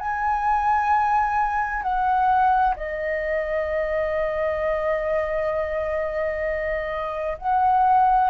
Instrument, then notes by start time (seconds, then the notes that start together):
flute
0.00 G#5
1.83 F#5
2.77 D#5
7.38 F#5